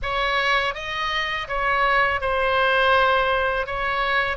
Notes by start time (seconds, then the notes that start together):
0.02 C#5
0.74 D#5
1.48 C#5
2.20 C5
3.66 C#5